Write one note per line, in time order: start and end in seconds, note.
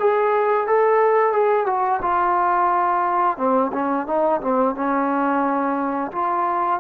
0.00 0.67 G#4
0.67 1.33 A4
1.33 1.66 G#4
1.66 2.01 F#4
2.02 3.38 F4
3.38 3.72 C4
3.73 4.07 C#4
4.07 4.41 D#4
4.41 4.75 C4
4.75 6.11 C#4
6.12 6.80 F4